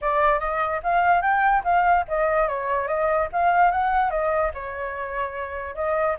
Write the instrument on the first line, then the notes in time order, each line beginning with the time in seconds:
flute
0.01 D5
0.39 D#5
0.83 F5
1.21 G5
1.64 F5
2.08 D#5
2.48 C#5
2.87 D#5
3.32 F5
3.71 F#5
4.10 D#5
4.54 C#5
5.75 D#5